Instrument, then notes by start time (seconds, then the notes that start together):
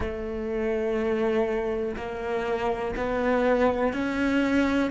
cello
0.00 A3
1.96 A#3
2.96 B3
3.93 C#4